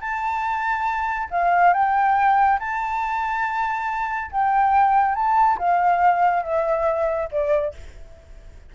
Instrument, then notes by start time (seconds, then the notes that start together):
flute
0.00 A5
1.30 F5
1.73 G5
2.59 A5
4.31 G5
5.15 A5
5.58 F5
6.43 E5
7.31 D5